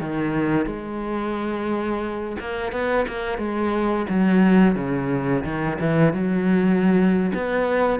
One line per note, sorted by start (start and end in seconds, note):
0.00 0.66 D#3
0.66 2.36 G#3
2.40 2.71 A#3
2.71 3.06 B3
3.08 3.37 A#3
3.37 4.06 G#3
4.09 4.75 F#3
4.75 5.43 C#3
5.44 5.78 D#3
5.79 6.13 E3
6.13 7.32 F#3
7.34 7.99 B3